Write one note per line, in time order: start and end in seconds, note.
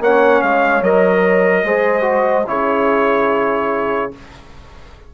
0.00 0.41 A#3
0.00 0.83 C#4
0.00 1.65 C#5
0.00 0.41 F#5
0.41 0.82 G#3
0.41 0.83 F5
0.82 1.64 F#3
0.82 1.65 A#4
0.82 2.48 D#5
1.64 2.46 G#3
1.64 2.01 G#4
1.64 2.47 C5
2.01 2.42 F#4
2.46 4.11 C#3
2.46 4.11 E4
2.46 4.14 G#4
2.46 4.12 C#5